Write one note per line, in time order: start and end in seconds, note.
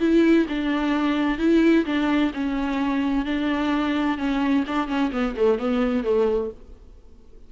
0.00 0.47 E4
0.49 1.38 D4
1.38 1.85 E4
1.86 2.32 D4
2.34 3.26 C#4
3.26 4.18 D4
4.18 4.64 C#4
4.67 4.88 D4
4.88 5.11 C#4
5.12 5.35 B3
5.37 5.59 A3
5.59 6.04 B3
6.04 6.51 A3